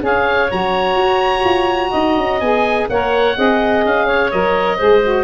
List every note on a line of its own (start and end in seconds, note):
0.00 0.50 C#4
0.00 0.48 G#4
0.00 1.90 C#5
0.00 0.51 F5
0.50 0.96 F#3
0.50 2.41 F#4
0.50 2.40 A#5
0.96 1.43 F#4
1.44 1.91 F4
1.90 2.17 D#4
1.90 2.86 D#5
2.17 2.40 C#4
2.40 2.88 B3
2.40 2.89 G#4
2.40 2.87 G#5
2.89 3.36 A#3
2.89 3.35 A#4
2.89 3.37 C#5
2.89 3.84 F#5
3.35 3.85 C4
3.35 4.31 G#4
3.35 4.06 D#5
3.85 4.32 C#4
3.85 4.31 F5
4.06 4.76 C#5
4.31 4.80 F#3
4.31 4.78 A#4
4.31 5.24 D#5
4.76 5.24 G#3
4.76 5.01 G#4
4.76 5.24 C5
5.03 5.24 F#4